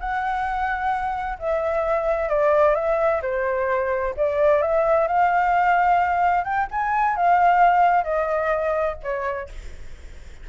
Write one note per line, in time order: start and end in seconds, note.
0.00 1.38 F#5
1.39 2.29 E5
2.29 2.75 D5
2.75 3.21 E5
3.22 4.15 C5
4.17 4.62 D5
4.62 5.08 E5
5.08 6.45 F5
6.45 6.68 G5
6.71 7.17 G#5
7.17 8.04 F5
8.04 8.96 D#5
9.03 9.49 C#5